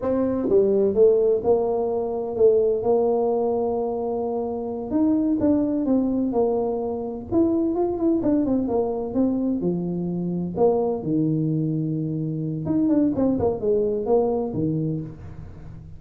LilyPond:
\new Staff \with { instrumentName = "tuba" } { \time 4/4 \tempo 4 = 128 c'4 g4 a4 ais4~ | ais4 a4 ais2~ | ais2~ ais8 dis'4 d'8~ | d'8 c'4 ais2 e'8~ |
e'8 f'8 e'8 d'8 c'8 ais4 c'8~ | c'8 f2 ais4 dis8~ | dis2. dis'8 d'8 | c'8 ais8 gis4 ais4 dis4 | }